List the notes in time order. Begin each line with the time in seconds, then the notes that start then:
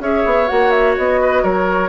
0.00 C#4 G#4 C#5 E5
0.25 B3
0.47 A#3 F#4 F#5
0.70 E5
0.98 B3 D#5
1.21 B4
1.42 F#3 A#4 C#5